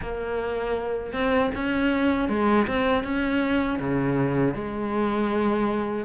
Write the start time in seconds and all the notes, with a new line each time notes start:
0.01 A#3
1.12 C4
1.55 C#4
2.29 G#3
2.67 C4
3.03 C#4
3.79 C#3
4.54 G#3